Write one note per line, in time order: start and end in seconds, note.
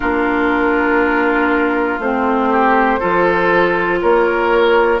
0.00 1.98 A#3
0.00 2.00 D4
0.00 2.48 F4
0.00 2.00 A#4
1.98 2.98 A3
1.98 2.99 C4
1.98 4.00 C5
2.50 2.99 G4
2.99 4.03 F3
2.99 4.99 F4
2.99 3.99 A4
4.01 5.00 A#3
4.01 5.00 A#4
4.01 5.00 C#5